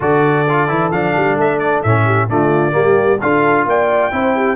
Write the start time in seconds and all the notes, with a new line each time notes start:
0.00 D3 F#4 A4 D5
0.48 F4
0.68 E3 E4
0.91 F3 D4 F5
1.16 G3
1.36 A3 E5
1.58 D5
1.82 A2 C#4 E5
2.05 G4
2.28 D3 A3 F4 D5
2.71 G3 A#3 G4
3.20 D4 F4 A4 F5
3.65 A#3 D5 G5
4.11 C4 E4 C5
4.35 G4